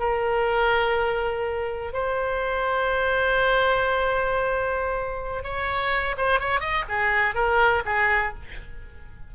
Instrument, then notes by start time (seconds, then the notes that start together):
oboe
0.00 A#4
1.93 C5
5.44 C#5
6.18 C5
6.40 C#5
6.61 D#5
6.89 G#4
7.35 A#4
7.86 G#4